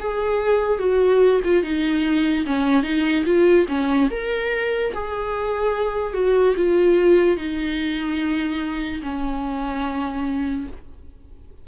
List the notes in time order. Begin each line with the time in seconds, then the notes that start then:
0.00 G#4
0.79 F#4
1.45 F4
1.63 D#4
2.47 C#4
2.83 D#4
3.26 F4
3.69 C#4
4.11 A#4
4.94 G#4
6.14 F#4
6.57 F4
7.37 D#4
9.03 C#4